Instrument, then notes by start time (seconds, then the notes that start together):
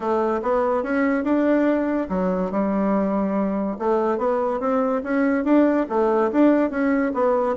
bassoon
0.00 A3
0.42 B3
0.83 C#4
1.23 D4
2.09 F#3
2.51 G3
3.78 A3
4.18 B3
4.60 C4
5.03 C#4
5.44 D4
5.89 A3
6.31 D4
6.70 C#4
7.14 B3